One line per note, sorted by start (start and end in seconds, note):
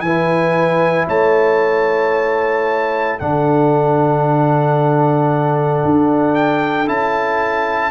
0.00 1.05 E3
0.00 3.19 E4
0.00 1.07 B4
0.00 1.05 G#5
1.07 3.19 A3
1.07 3.18 C#5
1.07 3.19 A5
3.19 5.84 D3
3.19 6.86 D4
3.19 7.91 A4
3.19 6.35 F#5
5.84 6.87 D4
6.35 6.87 G5
6.86 7.91 C#4
6.86 7.91 E4
6.86 7.91 A5